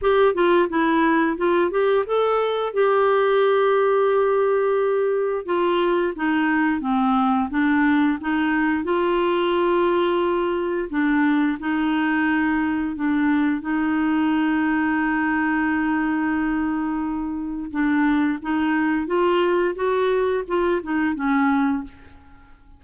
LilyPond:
\new Staff \with { instrumentName = "clarinet" } { \time 4/4 \tempo 4 = 88 g'8 f'8 e'4 f'8 g'8 a'4 | g'1 | f'4 dis'4 c'4 d'4 | dis'4 f'2. |
d'4 dis'2 d'4 | dis'1~ | dis'2 d'4 dis'4 | f'4 fis'4 f'8 dis'8 cis'4 | }